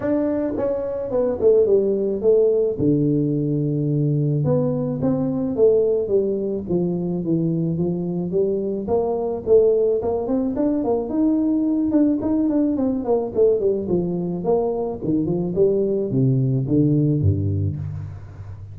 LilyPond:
\new Staff \with { instrumentName = "tuba" } { \time 4/4 \tempo 4 = 108 d'4 cis'4 b8 a8 g4 | a4 d2. | b4 c'4 a4 g4 | f4 e4 f4 g4 |
ais4 a4 ais8 c'8 d'8 ais8 | dis'4. d'8 dis'8 d'8 c'8 ais8 | a8 g8 f4 ais4 dis8 f8 | g4 c4 d4 g,4 | }